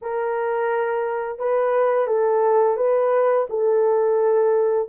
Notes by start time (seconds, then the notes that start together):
0.01 A#4
1.38 B4
2.07 A4
2.77 B4
3.49 A4